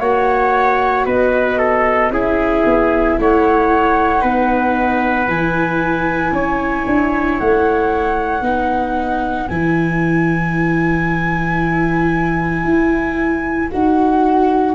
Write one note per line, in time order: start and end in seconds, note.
0.00 1.05 A#3
0.00 2.12 F#4
0.00 1.05 C#5
0.00 1.06 F#5
1.06 2.11 B3
1.06 1.59 B4
1.06 2.12 D#5
1.59 2.11 A4
2.11 2.63 C#4
2.11 4.20 E4
2.11 3.18 G#4
2.11 3.19 E5
2.65 3.18 B3
3.19 4.23 A3
3.19 4.22 C#5
3.19 5.29 F#5
4.20 5.28 B3
4.20 5.25 D#4
4.20 6.32 B4
5.28 6.32 E3
5.28 8.43 E4
5.28 7.39 G#5
6.32 6.84 C#4
6.32 8.45 C#5
6.86 7.39 D4
7.39 8.41 A3
7.39 9.48 F#5
8.41 9.46 B3
8.41 9.48 D#4
8.41 14.75 B4
9.48 12.64 E3
9.48 13.71 E4
9.48 13.69 G#5
12.64 13.70 E4
13.71 14.75 D#4
13.71 14.75 F#4
13.71 14.75 F#5